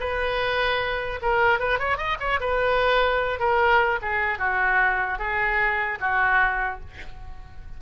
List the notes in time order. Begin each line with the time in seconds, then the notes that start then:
0.00 B4
1.22 A#4
1.59 B4
1.79 C#5
1.97 D#5
2.20 C#5
2.40 B4
3.39 A#4
4.02 G#4
4.39 F#4
5.19 G#4
6.00 F#4